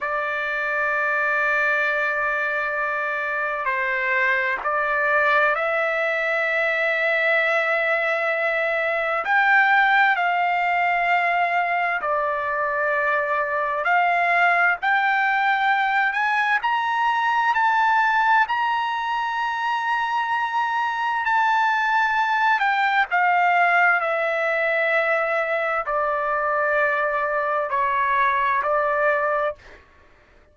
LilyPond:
\new Staff \with { instrumentName = "trumpet" } { \time 4/4 \tempo 4 = 65 d''1 | c''4 d''4 e''2~ | e''2 g''4 f''4~ | f''4 d''2 f''4 |
g''4. gis''8 ais''4 a''4 | ais''2. a''4~ | a''8 g''8 f''4 e''2 | d''2 cis''4 d''4 | }